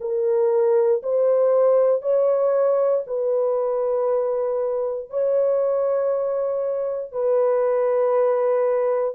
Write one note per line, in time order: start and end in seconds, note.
0.00 1.02 A#4
1.02 2.02 C5
2.02 3.03 C#5
3.06 5.09 B4
5.09 7.12 C#5
7.12 9.14 B4